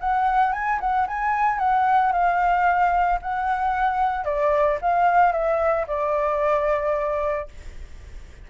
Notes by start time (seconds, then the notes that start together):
0.00 F#5
0.53 G#5
0.80 F#5
1.07 G#5
1.58 F#5
2.12 F5
3.21 F#5
4.24 D5
4.81 F5
5.32 E5
5.87 D5